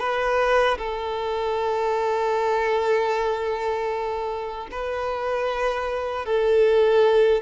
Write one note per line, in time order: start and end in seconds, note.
0.00 0.78 B4
0.78 4.68 A4
4.71 6.26 B4
6.26 7.42 A4